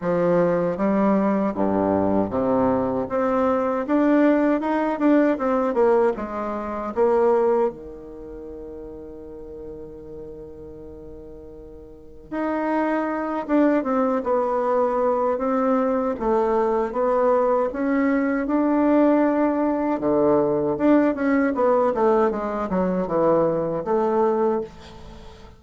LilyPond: \new Staff \with { instrumentName = "bassoon" } { \time 4/4 \tempo 4 = 78 f4 g4 g,4 c4 | c'4 d'4 dis'8 d'8 c'8 ais8 | gis4 ais4 dis2~ | dis1 |
dis'4. d'8 c'8 b4. | c'4 a4 b4 cis'4 | d'2 d4 d'8 cis'8 | b8 a8 gis8 fis8 e4 a4 | }